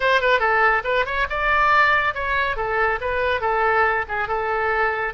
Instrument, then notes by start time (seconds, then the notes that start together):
oboe
0.00 C5
0.20 B4
0.39 A4
0.84 B4
1.05 C#5
1.29 D5
2.14 C#5
2.56 A4
3.00 B4
3.41 A4
4.08 G#4
4.28 A4